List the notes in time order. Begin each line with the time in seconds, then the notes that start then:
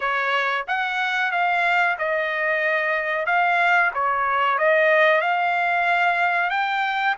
0.00 C#5
0.67 F#5
1.31 F5
1.98 D#5
3.25 F5
3.94 C#5
4.58 D#5
5.21 F5
6.50 G5